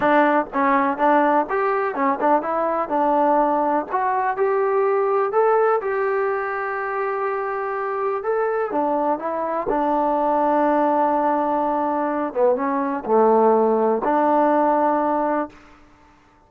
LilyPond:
\new Staff \with { instrumentName = "trombone" } { \time 4/4 \tempo 4 = 124 d'4 cis'4 d'4 g'4 | cis'8 d'8 e'4 d'2 | fis'4 g'2 a'4 | g'1~ |
g'4 a'4 d'4 e'4 | d'1~ | d'4. b8 cis'4 a4~ | a4 d'2. | }